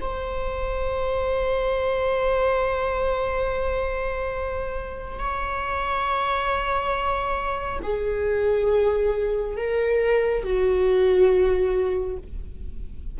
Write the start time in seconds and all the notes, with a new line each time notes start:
0.00 C5
5.19 C#5
7.83 G#4
9.57 A#4
10.43 F#4